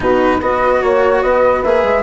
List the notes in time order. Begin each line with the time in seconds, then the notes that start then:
0.00 B2 D#4 F#4 B4
0.41 B3 F#4 B4 D#5
0.81 A#3 C#5
1.22 B3 B4 D#5
1.63 A#3 G#4 E5
1.83 G#3